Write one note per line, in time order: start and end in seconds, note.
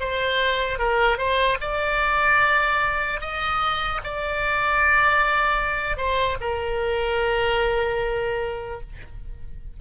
0.00 0.79 C5
0.79 1.18 A#4
1.18 1.58 C5
1.61 3.21 D5
3.21 4.01 D#5
4.04 5.97 D5
5.97 6.37 C5
6.41 8.81 A#4